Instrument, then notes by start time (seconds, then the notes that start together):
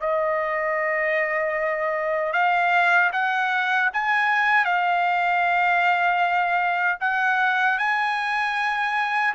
trumpet
0.00 D#5
2.32 F5
3.12 F#5
3.92 G#5
4.64 F5
7.00 F#5
7.78 G#5